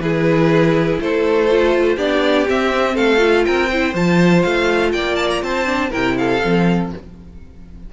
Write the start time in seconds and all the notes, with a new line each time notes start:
0.00 E3 E4 G#4 B4
1.01 A3 A4 C5
1.51 F4
1.96 B3 D4 G4 D5
2.48 C4 E5
2.95 A3 A4 F5
3.18 F4
3.45 C4 A#4 G5
3.69 E4 C5
3.94 F3 F4 A5
4.42 A3 F5
4.93 A#3 D5 G5
5.16 A5
5.31 A#5
5.43 C4 C5 A5
5.66 D4
5.91 C3 E4 A#4 G5
6.18 A4 F5
6.44 F3 C4